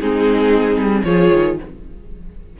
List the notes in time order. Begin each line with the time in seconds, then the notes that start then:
0.00 G#3 C4 D#4 G#4
0.77 G3
1.04 F3 F4 G#4 C#5
1.33 D#3